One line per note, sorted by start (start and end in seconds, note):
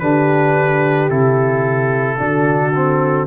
0.00 1.10 D3
0.00 1.10 D4
0.00 2.20 G4
0.00 1.09 B4
1.10 2.19 C3
1.10 2.18 E4
1.10 3.27 A4
2.18 3.27 D3
2.18 2.72 D4
2.18 3.27 F#4
2.75 3.27 C4